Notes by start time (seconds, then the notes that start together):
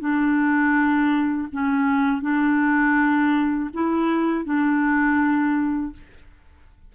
0.00 D4
1.53 C#4
2.22 D4
3.74 E4
4.45 D4